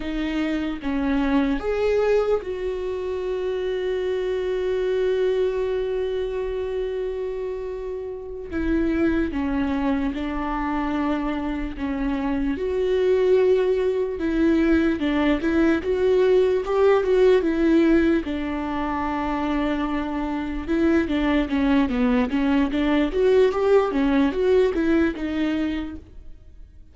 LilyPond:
\new Staff \with { instrumentName = "viola" } { \time 4/4 \tempo 4 = 74 dis'4 cis'4 gis'4 fis'4~ | fis'1~ | fis'2~ fis'8 e'4 cis'8~ | cis'8 d'2 cis'4 fis'8~ |
fis'4. e'4 d'8 e'8 fis'8~ | fis'8 g'8 fis'8 e'4 d'4.~ | d'4. e'8 d'8 cis'8 b8 cis'8 | d'8 fis'8 g'8 cis'8 fis'8 e'8 dis'4 | }